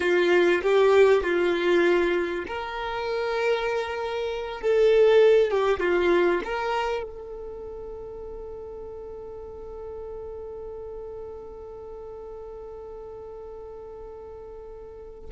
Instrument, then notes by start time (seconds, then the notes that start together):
violin
0.00 F4
0.62 G4
1.23 F4
2.47 A#4
4.61 A4
5.50 G4
5.80 F4
6.44 A#4
7.03 A4